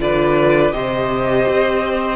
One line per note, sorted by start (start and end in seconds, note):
0.00 0.73 D3
0.00 0.72 F4
0.00 0.73 B4
0.00 0.72 D5
0.72 1.46 C3
0.72 2.16 G4
0.72 2.16 C5
0.72 2.16 D#5
1.48 2.16 C4